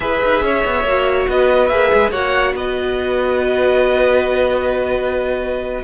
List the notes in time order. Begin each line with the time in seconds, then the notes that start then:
0.00 E4 G#4 B4 E5
0.23 D#4
0.42 C#4 C#5
0.64 B3
0.84 A#3 F#4
1.28 B3 B4 D#5
1.67 A#3 G#4 E5
1.93 G#3
2.10 A#3 F#4 C#5 F#5
2.53 B3 B4 D#5